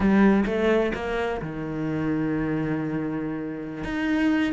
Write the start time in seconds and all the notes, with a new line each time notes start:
0.00 G3
0.45 A3
0.94 A#3
1.41 D#3
3.84 D#4